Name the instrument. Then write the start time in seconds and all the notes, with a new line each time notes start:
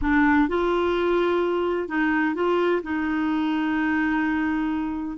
clarinet
0.01 D4
0.48 F4
1.88 D#4
2.35 F4
2.82 D#4